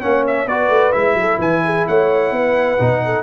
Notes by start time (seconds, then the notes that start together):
0.00 A#3 C#4 C#5 F#5
0.27 E5
0.46 B3 F#4 B4 D5
0.69 A3
0.92 G#3 E4 E5
1.14 F#3 A4
1.38 E3 B4 G#5
1.65 G#4
1.87 A3 C#5 F#5
2.31 B3 B4
2.78 B2 D#4
3.05 A4